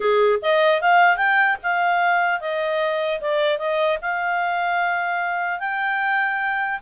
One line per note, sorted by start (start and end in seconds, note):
0.00 0.39 G#4
0.42 0.81 D#5
0.81 1.17 F5
1.17 1.57 G5
1.62 2.40 F5
2.40 3.20 D#5
3.21 3.58 D5
3.58 3.98 D#5
4.01 5.59 F5
5.59 6.79 G5